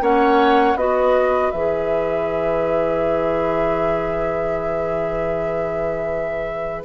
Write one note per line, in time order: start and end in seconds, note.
0.00 0.75 A#3
0.00 0.76 C#4
0.00 0.78 C#5
0.00 0.77 F#5
0.75 1.51 B3
0.75 1.53 F#4
0.75 6.84 B4
0.75 1.51 D#5
1.51 6.84 E3
1.51 6.84 G#4
1.51 6.83 E5